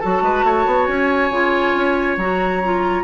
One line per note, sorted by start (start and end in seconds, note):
0.00 0.22 F#3
0.00 1.32 F#4
0.00 0.23 A4
0.00 0.87 A5
0.22 0.44 G#3
0.22 0.46 B4
0.44 0.66 A3
0.44 3.04 C#5
0.66 0.88 B3
0.87 1.30 C#4
0.87 2.18 G#5
1.30 1.74 C#3
1.30 2.19 F4
1.76 2.17 C#4
2.17 3.04 F#3
2.17 2.64 F#4
2.17 3.04 A#5
2.64 3.04 F4